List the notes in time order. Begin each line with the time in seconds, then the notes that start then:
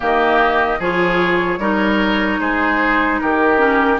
0.00 D#3 A#3 G4 D#5
0.79 F3 F4 G#4 C#5
1.58 G3 D#4 A#4
2.40 G#3 G#4 C5
3.19 D#3 G4 A#4
3.57 C#4